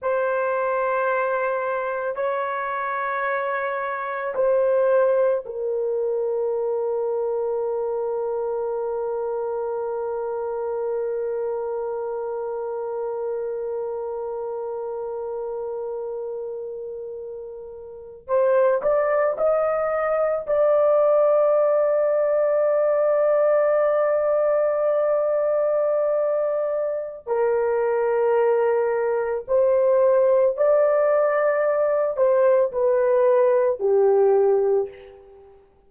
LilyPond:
\new Staff \with { instrumentName = "horn" } { \time 4/4 \tempo 4 = 55 c''2 cis''2 | c''4 ais'2.~ | ais'1~ | ais'1~ |
ais'8. c''8 d''8 dis''4 d''4~ d''16~ | d''1~ | d''4 ais'2 c''4 | d''4. c''8 b'4 g'4 | }